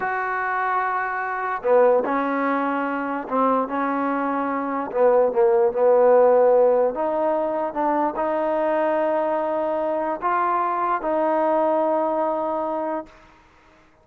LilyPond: \new Staff \with { instrumentName = "trombone" } { \time 4/4 \tempo 4 = 147 fis'1 | b4 cis'2. | c'4 cis'2. | b4 ais4 b2~ |
b4 dis'2 d'4 | dis'1~ | dis'4 f'2 dis'4~ | dis'1 | }